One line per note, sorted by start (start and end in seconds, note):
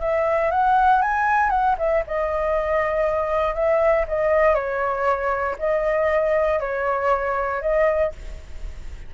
0.00 0.51 E5
0.51 1.02 F#5
1.02 1.50 G#5
1.50 1.75 F#5
1.78 2.03 E5
2.07 3.55 D#5
3.55 4.05 E5
4.08 4.55 D#5
4.55 5.56 C#5
5.59 6.60 D#5
6.60 7.61 C#5
7.61 8.12 D#5